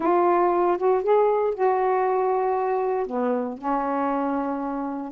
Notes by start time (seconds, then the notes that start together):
0.00 F4
0.77 F#4
1.03 G#4
1.54 F#4
3.06 B3
3.58 C#4